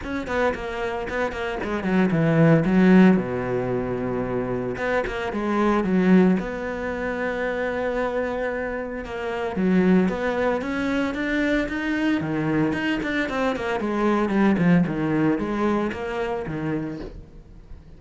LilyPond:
\new Staff \with { instrumentName = "cello" } { \time 4/4 \tempo 4 = 113 cis'8 b8 ais4 b8 ais8 gis8 fis8 | e4 fis4 b,2~ | b,4 b8 ais8 gis4 fis4 | b1~ |
b4 ais4 fis4 b4 | cis'4 d'4 dis'4 dis4 | dis'8 d'8 c'8 ais8 gis4 g8 f8 | dis4 gis4 ais4 dis4 | }